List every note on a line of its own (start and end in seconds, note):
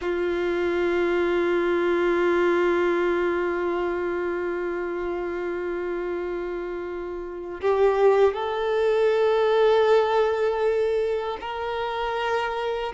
0.01 7.61 F4
7.61 8.33 G4
8.33 11.37 A4
11.40 12.92 A#4